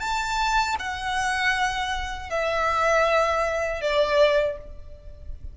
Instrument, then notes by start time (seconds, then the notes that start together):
violin
0.00 A5
0.79 F#5
2.31 E5
3.81 D5